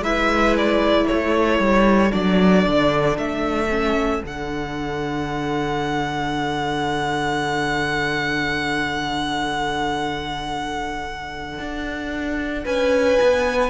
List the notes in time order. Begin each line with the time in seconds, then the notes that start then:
0.00 G#3 E4 B4 E5
0.57 D5
1.06 A3 A4 C#5
1.59 G3
2.10 F#3 D4 D5
2.67 D3
3.18 A3 E5
3.70 C#4
4.22 D3 D4 F#5
11.59 D4
12.65 C#4 B4 G#5
13.21 B3